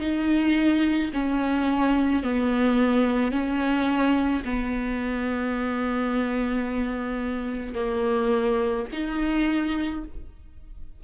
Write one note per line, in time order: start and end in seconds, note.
0.00 1.11 D#4
1.13 2.23 C#4
2.23 3.32 B3
3.32 4.43 C#4
4.45 7.75 B3
7.75 8.86 A#3
8.92 10.04 D#4